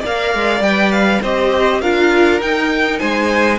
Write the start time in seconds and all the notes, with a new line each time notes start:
0.00 A#3 A#4 D5 F5
0.35 G#3
0.60 G3 B4 G5
0.92 F5
1.22 C4 G4 C5 D#5
1.81 D4 F4 A#4 F5
2.40 D#4 G5
2.99 G#3 C5 G#5